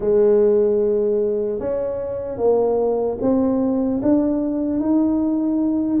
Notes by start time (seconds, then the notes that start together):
0.00 G#3
1.59 C#4
2.37 A#3
3.21 C4
4.02 D4
4.80 D#4